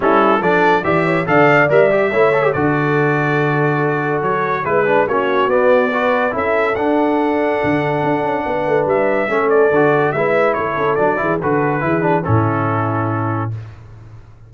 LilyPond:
<<
  \new Staff \with { instrumentName = "trumpet" } { \time 4/4 \tempo 4 = 142 a'4 d''4 e''4 f''4 | e''2 d''2~ | d''2 cis''4 b'4 | cis''4 d''2 e''4 |
fis''1~ | fis''4 e''4. d''4. | e''4 cis''4 d''4 b'4~ | b'4 a'2. | }
  \new Staff \with { instrumentName = "horn" } { \time 4/4 e'4 a'4 d''8 cis''8 d''4~ | d''4 cis''4 a'2~ | a'2. b'4 | fis'2 b'4 a'4~ |
a'1 | b'2 a'2 | b'4 a'4. gis'8 a'4 | gis'4 e'2. | }
  \new Staff \with { instrumentName = "trombone" } { \time 4/4 cis'4 d'4 g'4 a'4 | ais'8 g'8 e'8 a'16 g'16 fis'2~ | fis'2. e'8 d'8 | cis'4 b4 fis'4 e'4 |
d'1~ | d'2 cis'4 fis'4 | e'2 d'8 e'8 fis'4 | e'8 d'8 cis'2. | }
  \new Staff \with { instrumentName = "tuba" } { \time 4/4 g4 f4 e4 d4 | g4 a4 d2~ | d2 fis4 gis4 | ais4 b2 cis'4 |
d'2 d4 d'8 cis'8 | b8 a8 g4 a4 d4 | gis4 a8 cis'8 fis8 e8 d4 | e4 a,2. | }
>>